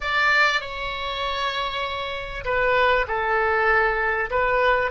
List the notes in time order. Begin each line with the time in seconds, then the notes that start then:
0.01 D5
0.60 C#5
2.44 B4
3.07 A4
4.30 B4